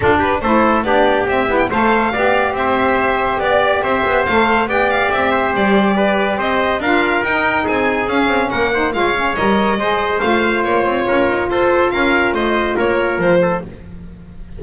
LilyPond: <<
  \new Staff \with { instrumentName = "violin" } { \time 4/4 \tempo 4 = 141 a'8 b'8 c''4 d''4 e''8. g''16 | f''2 e''2 | d''4 e''4 f''4 g''8 f''8 | e''4 d''2 dis''4 |
f''4 g''4 gis''4 f''4 | fis''4 f''4 dis''2 | f''4 cis''2 c''4 | f''4 dis''4 cis''4 c''4 | }
  \new Staff \with { instrumentName = "trumpet" } { \time 4/4 f'8 g'8 a'4 g'2 | c''4 d''4 c''2 | d''4 c''2 d''4~ | d''8 c''4. b'4 c''4 |
ais'2 gis'2 | ais'8 c''8 cis''2 c''4~ | c''2 ais'4 a'4 | ais'4 c''4 ais'4. a'8 | }
  \new Staff \with { instrumentName = "saxophone" } { \time 4/4 d'4 e'4 d'4 c'8 e'8 | a'4 g'2.~ | g'2 a'4 g'4~ | g'1 |
f'4 dis'2 cis'4~ | cis'8 dis'8 f'8 cis'8 ais'4 gis'4 | f'1~ | f'1 | }
  \new Staff \with { instrumentName = "double bass" } { \time 4/4 d'4 a4 b4 c'8 b8 | a4 b4 c'2 | b4 c'8 b8 a4 b4 | c'4 g2 c'4 |
d'4 dis'4 c'4 cis'8 c'8 | ais4 gis4 g4 gis4 | a4 ais8 c'8 cis'8 dis'8 f'4 | cis'4 a4 ais4 f4 | }
>>